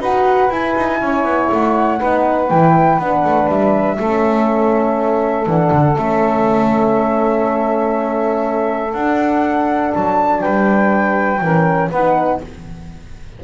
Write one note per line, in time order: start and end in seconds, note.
0.00 0.50 D#4
0.00 0.51 F#4
0.00 0.99 B4
0.00 0.51 F#5
0.50 0.75 E4
0.50 1.99 E4
0.50 1.50 G#5
0.77 1.01 D#4
1.01 1.24 C#4
1.01 1.99 C#5
1.24 1.49 B3
1.52 2.01 A3
1.52 2.50 F#5
1.99 2.51 B3
1.99 2.49 D#4
1.99 3.97 B4
2.50 2.99 E3
2.50 3.00 E4
2.50 2.99 G5
2.99 3.24 B3
2.99 3.99 D4
2.99 3.49 F#5
3.25 3.49 A3
3.49 3.98 G3
3.49 5.47 E5
3.99 5.47 A3
3.99 5.48 C#4
3.99 10.42 A4
5.47 5.71 E3
5.47 5.94 D4
5.47 5.96 F#5
5.72 5.97 D3
5.94 8.94 A3
5.94 8.91 C#4
5.94 8.93 E5
8.93 11.42 D4
8.93 9.93 D4
8.93 9.92 F#5
9.94 10.44 F#3
9.94 10.41 A5
10.41 11.41 G3
10.41 11.41 B4
10.41 11.90 G5
11.41 11.91 E3
11.41 11.93 C#4
11.41 11.90 A#4
11.90 12.42 B3
11.90 12.44 D#4
11.90 12.39 B4
11.90 12.41 F#5